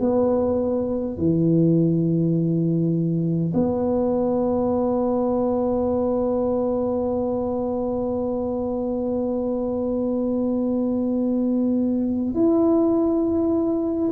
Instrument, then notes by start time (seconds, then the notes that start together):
tuba
0.00 B3
1.17 E3
3.53 B3
12.34 E4